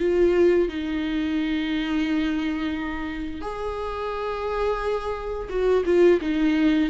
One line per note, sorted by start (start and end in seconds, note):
0.00 0.69 F4
0.69 3.42 D#4
3.42 5.49 G#4
5.50 5.84 F#4
5.86 6.20 F4
6.21 6.90 D#4